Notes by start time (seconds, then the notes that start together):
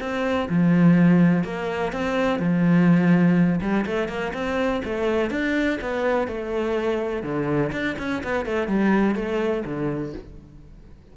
0.00 C4
0.49 F3
1.44 A#3
1.92 C4
2.39 F3
3.61 G3
3.86 A3
4.08 A#3
4.34 C4
4.84 A3
5.30 D4
5.81 B3
6.27 A3
7.23 D3
7.72 D4
7.99 C#4
8.24 B3
8.46 A3
8.68 G3
9.15 A3
9.65 D3